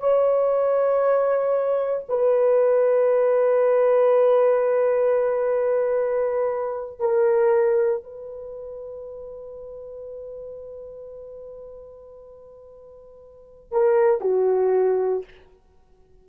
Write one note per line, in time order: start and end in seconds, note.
0.00 2.07 C#5
2.09 7.00 B4
7.00 8.04 A#4
8.04 13.72 B4
13.72 14.21 A#4
14.21 15.25 F#4